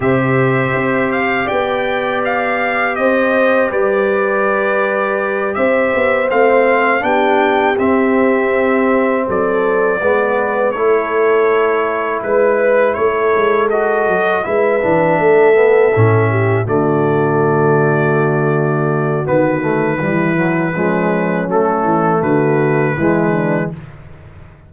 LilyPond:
<<
  \new Staff \with { instrumentName = "trumpet" } { \time 4/4 \tempo 4 = 81 e''4. f''8 g''4 f''4 | dis''4 d''2~ d''8 e''8~ | e''8 f''4 g''4 e''4.~ | e''8 d''2 cis''4.~ |
cis''8 b'4 cis''4 dis''4 e''8~ | e''2~ e''8 d''4.~ | d''2 b'2~ | b'4 a'4 b'2 | }
  \new Staff \with { instrumentName = "horn" } { \time 4/4 c''2 d''2 | c''4 b'2~ b'8 c''8~ | c''4. g'2~ g'8~ | g'8 a'4 b'4 a'4.~ |
a'8 b'4 a'2 b'8~ | b'8 a'4. g'8 fis'4.~ | fis'2. e'4 | cis'2 fis'4 e'8 d'8 | }
  \new Staff \with { instrumentName = "trombone" } { \time 4/4 g'1~ | g'1~ | g'8 c'4 d'4 c'4.~ | c'4. b4 e'4.~ |
e'2~ e'8 fis'4 e'8 | d'4 b8 cis'4 a4.~ | a2 b8 a8 g8 fis8 | gis4 a2 gis4 | }
  \new Staff \with { instrumentName = "tuba" } { \time 4/4 c4 c'4 b2 | c'4 g2~ g8 c'8 | b8 a4 b4 c'4.~ | c'8 fis4 gis4 a4.~ |
a8 gis4 a8 gis4 fis8 gis8 | e8 a4 a,4 d4.~ | d2 dis4 e4 | f4 fis8 e8 d4 e4 | }
>>